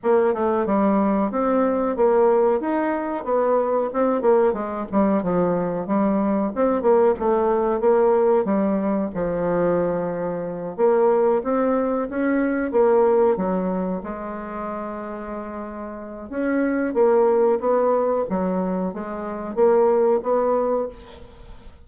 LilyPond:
\new Staff \with { instrumentName = "bassoon" } { \time 4/4 \tempo 4 = 92 ais8 a8 g4 c'4 ais4 | dis'4 b4 c'8 ais8 gis8 g8 | f4 g4 c'8 ais8 a4 | ais4 g4 f2~ |
f8 ais4 c'4 cis'4 ais8~ | ais8 fis4 gis2~ gis8~ | gis4 cis'4 ais4 b4 | fis4 gis4 ais4 b4 | }